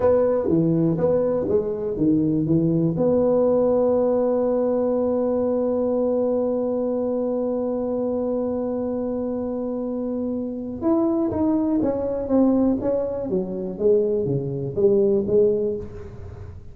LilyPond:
\new Staff \with { instrumentName = "tuba" } { \time 4/4 \tempo 4 = 122 b4 e4 b4 gis4 | dis4 e4 b2~ | b1~ | b1~ |
b1~ | b2 e'4 dis'4 | cis'4 c'4 cis'4 fis4 | gis4 cis4 g4 gis4 | }